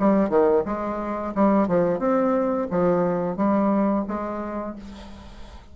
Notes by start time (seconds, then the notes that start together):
0.00 G3
0.30 D#3
0.66 G#3
1.35 G3
1.68 F3
2.00 C4
2.71 F3
3.37 G3
4.08 G#3